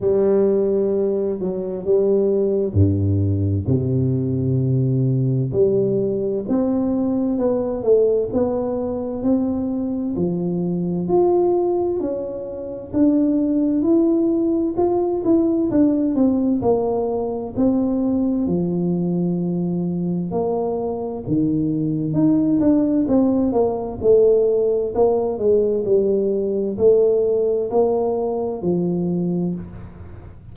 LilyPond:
\new Staff \with { instrumentName = "tuba" } { \time 4/4 \tempo 4 = 65 g4. fis8 g4 g,4 | c2 g4 c'4 | b8 a8 b4 c'4 f4 | f'4 cis'4 d'4 e'4 |
f'8 e'8 d'8 c'8 ais4 c'4 | f2 ais4 dis4 | dis'8 d'8 c'8 ais8 a4 ais8 gis8 | g4 a4 ais4 f4 | }